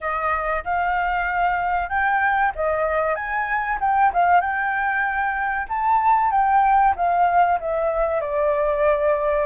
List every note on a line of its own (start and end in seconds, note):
0.00 0.63 D#5
0.64 1.89 F5
1.89 2.52 G5
2.55 3.15 D#5
3.15 3.78 G#5
3.80 4.12 G5
4.13 4.40 F5
4.40 5.67 G5
5.68 6.31 A5
6.31 6.94 G5
6.96 7.59 F5
7.60 8.20 E5
8.20 9.46 D5